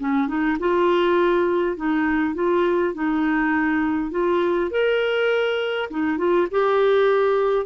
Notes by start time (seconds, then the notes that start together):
0.00 C#4
0.28 D#4
0.59 F4
1.77 D#4
2.35 F4
2.95 D#4
4.11 F4
4.71 A#4
5.91 D#4
6.18 F4
6.51 G4